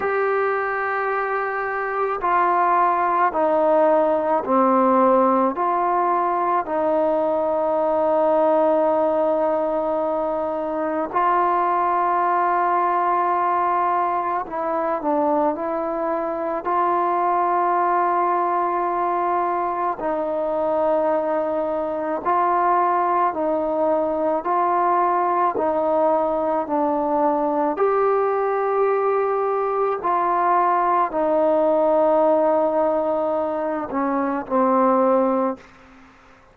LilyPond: \new Staff \with { instrumentName = "trombone" } { \time 4/4 \tempo 4 = 54 g'2 f'4 dis'4 | c'4 f'4 dis'2~ | dis'2 f'2~ | f'4 e'8 d'8 e'4 f'4~ |
f'2 dis'2 | f'4 dis'4 f'4 dis'4 | d'4 g'2 f'4 | dis'2~ dis'8 cis'8 c'4 | }